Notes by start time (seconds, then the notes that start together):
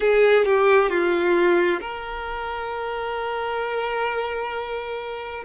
0.00 G#4
0.44 G4
0.88 F4
1.80 A#4